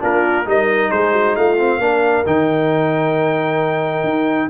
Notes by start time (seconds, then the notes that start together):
0.00 A#3 D4 F4 A#4
0.45 G3 D#4 A#4 D#5
0.91 G#3 G#4 C5
1.12 F#4
1.36 A3 F4 F5
1.58 C4
1.78 A#3 D4 A#4
2.26 D#3 D#4 G5
4.04 D#4